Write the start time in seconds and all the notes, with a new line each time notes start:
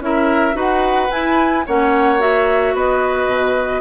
0.00 C#4 E4 A#4 E5
0.54 D#4 F#4 B4 F#5
1.11 E4 G#5
1.66 A#3 C#4 C#5 F#5
2.19 F#4 E5
2.74 B3 B4 D#5
3.27 B2